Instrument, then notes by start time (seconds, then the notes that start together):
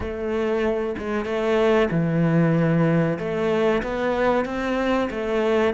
cello
0.00 A3
0.98 G#3
1.25 A3
1.90 E3
3.18 A3
3.83 B3
4.45 C4
5.10 A3